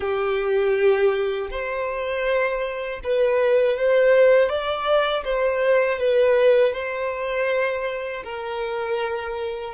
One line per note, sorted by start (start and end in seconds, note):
0.00 1.50 G4
1.50 3.00 C5
3.03 3.77 B4
3.77 4.49 C5
4.49 5.24 D5
5.24 5.99 C5
5.99 6.73 B4
6.73 8.23 C5
8.24 9.73 A#4